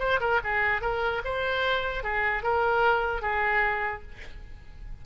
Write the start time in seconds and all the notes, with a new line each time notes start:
0.00 C5
0.21 A#4
0.44 G#4
0.82 A#4
1.25 C5
2.04 G#4
2.44 A#4
3.22 G#4